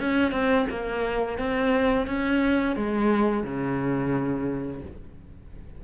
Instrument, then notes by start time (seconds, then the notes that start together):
cello
0.00 C#4
0.32 C4
0.70 A#3
1.39 C4
2.07 C#4
2.76 G#3
3.44 C#3